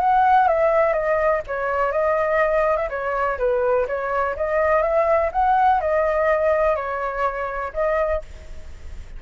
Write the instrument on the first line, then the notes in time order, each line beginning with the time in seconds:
flute
0.00 F#5
0.47 E5
0.93 D#5
1.47 C#5
1.91 D#5
2.76 E5
2.89 C#5
3.38 B4
3.87 C#5
4.36 D#5
4.82 E5
5.32 F#5
5.80 D#5
6.76 C#5
7.73 D#5